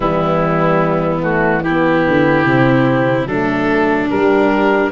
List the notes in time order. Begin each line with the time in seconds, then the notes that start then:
0.00 E3 G3 B3 E4
1.21 A3 F#4
1.63 B3 E4 G4
2.06 D3
2.44 C3 C4
3.25 F#3 A3 D4 A4
4.09 G3 A#4